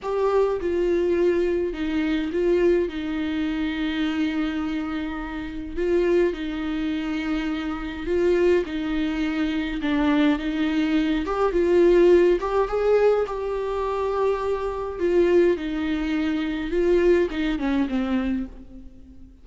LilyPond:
\new Staff \with { instrumentName = "viola" } { \time 4/4 \tempo 4 = 104 g'4 f'2 dis'4 | f'4 dis'2.~ | dis'2 f'4 dis'4~ | dis'2 f'4 dis'4~ |
dis'4 d'4 dis'4. g'8 | f'4. g'8 gis'4 g'4~ | g'2 f'4 dis'4~ | dis'4 f'4 dis'8 cis'8 c'4 | }